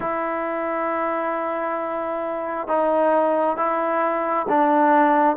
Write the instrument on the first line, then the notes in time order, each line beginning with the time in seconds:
trombone
0.00 E4
2.67 D#4
3.56 E4
4.48 D4